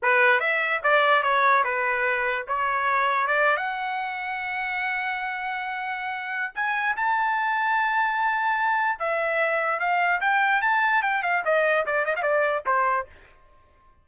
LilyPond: \new Staff \with { instrumentName = "trumpet" } { \time 4/4 \tempo 4 = 147 b'4 e''4 d''4 cis''4 | b'2 cis''2 | d''8. fis''2.~ fis''16~ | fis''1 |
gis''4 a''2.~ | a''2 e''2 | f''4 g''4 a''4 g''8 f''8 | dis''4 d''8 dis''16 f''16 d''4 c''4 | }